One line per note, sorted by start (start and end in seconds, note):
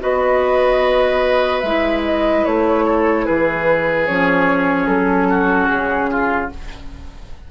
0.00 1.63 B3
0.00 1.62 F#4
0.00 2.85 B4
0.00 1.59 D#5
1.59 2.44 G#3
1.59 2.00 E5
1.66 4.07 E4
2.05 2.45 D#5
2.45 3.27 A3
2.45 3.26 C#5
2.85 3.25 A4
3.25 4.09 E3
3.25 5.28 G#4
3.25 4.06 B4
4.06 4.87 F3
4.06 6.50 C#4
4.06 4.86 C#5
4.86 5.68 F#3
4.86 5.68 A4
5.29 6.10 F#4
5.68 6.49 C#3
5.68 6.49 G#4
6.11 6.51 F4